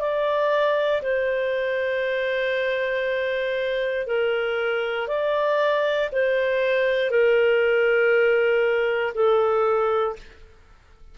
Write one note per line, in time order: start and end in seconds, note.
0.00 1.02 D5
1.02 4.07 C5
4.07 5.08 A#4
5.08 6.10 D5
6.12 7.10 C5
7.10 9.14 A#4
9.15 10.16 A4